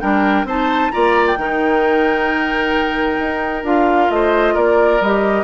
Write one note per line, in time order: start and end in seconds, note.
0.00 0.44 G3
0.00 0.46 D4
0.00 0.46 A#4
0.00 0.45 G5
0.44 0.90 C4
0.44 0.92 D#4
0.44 0.92 C5
0.44 0.91 A5
0.91 1.36 A#3
0.91 1.37 F4
0.91 1.39 D5
0.91 1.26 A#5
1.26 3.65 G5
1.36 3.18 D#3
1.36 3.64 D#4
1.36 4.12 A#4
3.19 3.63 D#4
3.63 4.09 D4
3.63 5.01 F4
3.63 4.11 F5
4.10 4.55 A3
4.10 4.54 C5
4.10 4.56 D#5
4.54 5.00 A#3
4.54 5.44 A#4
4.54 5.01 D5
5.00 5.44 G3
5.00 5.44 G4
5.00 5.44 D#5